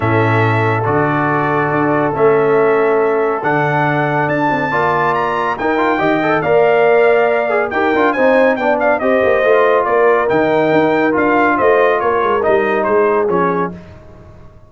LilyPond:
<<
  \new Staff \with { instrumentName = "trumpet" } { \time 4/4 \tempo 4 = 140 e''2 d''2~ | d''4 e''2. | fis''2 a''2 | ais''4 g''2 f''4~ |
f''2 g''4 gis''4 | g''8 f''8 dis''2 d''4 | g''2 f''4 dis''4 | cis''4 dis''4 c''4 cis''4 | }
  \new Staff \with { instrumentName = "horn" } { \time 4/4 a'1~ | a'1~ | a'2. d''4~ | d''4 ais'4 dis''4 d''4~ |
d''2 ais'4 c''4 | d''4 c''2 ais'4~ | ais'2. c''4 | ais'2 gis'2 | }
  \new Staff \with { instrumentName = "trombone" } { \time 4/4 cis'2 fis'2~ | fis'4 cis'2. | d'2. f'4~ | f'4 dis'8 f'8 g'8 a'8 ais'4~ |
ais'4. gis'8 g'8 f'8 dis'4 | d'4 g'4 f'2 | dis'2 f'2~ | f'4 dis'2 cis'4 | }
  \new Staff \with { instrumentName = "tuba" } { \time 4/4 a,2 d2 | d'4 a2. | d2 d'8 c'8 ais4~ | ais4 dis'4 dis4 ais4~ |
ais2 dis'8 d'8 c'4 | b4 c'8 ais8 a4 ais4 | dis4 dis'4 d'4 a4 | ais8 gis8 g4 gis4 f4 | }
>>